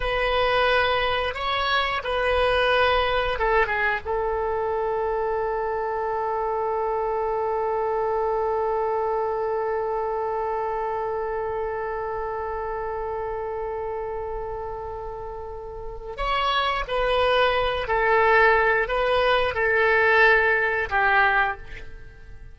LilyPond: \new Staff \with { instrumentName = "oboe" } { \time 4/4 \tempo 4 = 89 b'2 cis''4 b'4~ | b'4 a'8 gis'8 a'2~ | a'1~ | a'1~ |
a'1~ | a'1 | cis''4 b'4. a'4. | b'4 a'2 g'4 | }